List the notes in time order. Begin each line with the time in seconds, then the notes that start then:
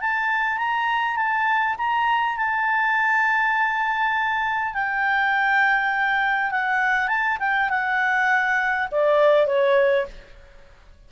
0.00 A5
0.57 A#5
1.16 A5
1.77 A#5
2.37 A5
4.73 G5
6.50 F#5
7.07 A5
7.39 G5
7.69 F#5
8.91 D5
9.46 C#5